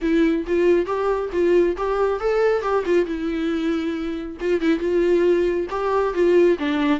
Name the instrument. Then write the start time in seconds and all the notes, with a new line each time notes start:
viola
0.01 E4
0.46 F4
0.86 G4
1.32 F4
1.76 G4
2.20 A4
2.62 G4
2.85 F4
3.05 E4
4.40 F4
4.60 E4
4.79 F4
5.70 G4
6.14 F4
6.59 D4